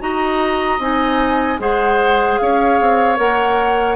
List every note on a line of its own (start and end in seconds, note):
0.00 0.79 D#4
0.00 0.79 F#4
0.00 1.60 D#5
0.00 0.80 A#5
0.79 1.58 C4
0.79 1.59 D#4
0.79 1.59 G#5
1.59 2.38 G#3
1.59 3.16 G#4
1.59 2.40 C5
1.59 2.38 F#5
2.38 2.80 C#4
2.38 3.96 C#5
2.38 3.17 F5
2.80 3.18 C4
3.16 3.96 A#3
3.16 3.95 A#4
3.16 3.96 F#5